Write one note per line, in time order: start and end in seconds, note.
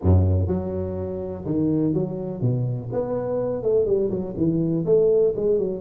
0.02 0.47 F#2
0.47 1.44 F#3
1.45 1.93 D#3
1.93 2.41 F#3
2.41 2.89 B2
2.92 3.62 B3
3.62 3.85 A3
3.85 4.10 G3
4.10 4.34 F#3
4.37 4.85 E3
4.85 5.34 A3
5.36 5.58 G#3
5.58 5.81 F#3